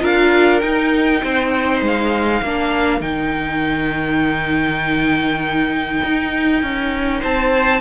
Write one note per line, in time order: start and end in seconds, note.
0.00 0.62 D4
0.00 0.60 F4
0.00 1.22 A#4
0.00 0.60 F5
0.60 1.23 D#4
0.60 2.43 D#4
0.60 1.80 G5
1.23 1.82 C4
1.23 2.41 C5
1.82 2.42 G#3
1.82 3.01 F5
2.41 3.00 A#3
2.41 3.01 D4
2.41 7.20 A#4
3.00 6.00 D#3
3.00 7.81 D#4
3.00 7.21 G5
6.03 6.62 D#4
6.62 7.22 C#4
7.20 7.81 C4
7.20 7.80 C5
7.20 7.81 A5